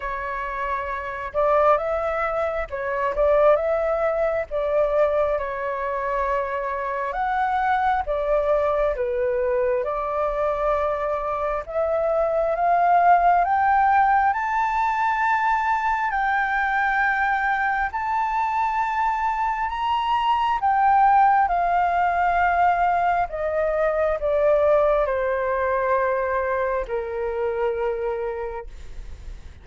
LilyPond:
\new Staff \with { instrumentName = "flute" } { \time 4/4 \tempo 4 = 67 cis''4. d''8 e''4 cis''8 d''8 | e''4 d''4 cis''2 | fis''4 d''4 b'4 d''4~ | d''4 e''4 f''4 g''4 |
a''2 g''2 | a''2 ais''4 g''4 | f''2 dis''4 d''4 | c''2 ais'2 | }